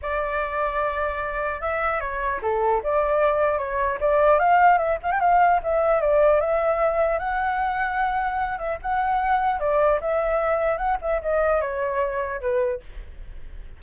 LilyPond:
\new Staff \with { instrumentName = "flute" } { \time 4/4 \tempo 4 = 150 d''1 | e''4 cis''4 a'4 d''4~ | d''4 cis''4 d''4 f''4 | e''8 f''16 g''16 f''4 e''4 d''4 |
e''2 fis''2~ | fis''4. e''8 fis''2 | d''4 e''2 fis''8 e''8 | dis''4 cis''2 b'4 | }